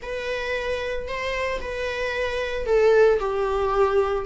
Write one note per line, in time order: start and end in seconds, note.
0.02 1.07 B4
1.07 1.60 C5
1.61 2.65 B4
2.65 3.19 A4
3.19 4.25 G4